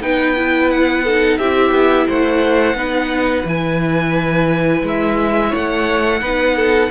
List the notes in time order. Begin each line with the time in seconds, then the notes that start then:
0.00 B3 D#4 B4 G5
0.36 E4
0.70 F#5
1.04 D#4 A4
1.37 C4 E4 G4 E5
1.71 B3
2.07 A3 C5 F#5
2.74 B3 D#4 B4
3.44 E3 E4 G#5
4.83 G#3 E5
5.48 C#5
5.55 A3 F#5
6.21 B3 D#4 B4
6.55 A4